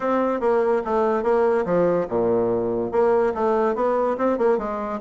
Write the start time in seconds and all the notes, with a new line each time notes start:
0.00 C4
0.40 A#3
0.84 A3
1.23 A#3
1.65 F3
2.08 A#2
2.91 A#3
3.34 A3
3.75 B3
4.17 C4
4.37 A#3
4.58 G#3